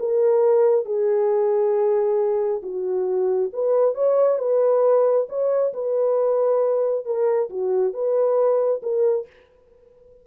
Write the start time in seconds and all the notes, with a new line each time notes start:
0.00 A#4
0.86 G#4
2.63 F#4
3.54 B4
3.95 C#5
4.39 B4
5.30 C#5
5.74 B4
7.06 A#4
7.50 F#4
7.94 B4
8.83 A#4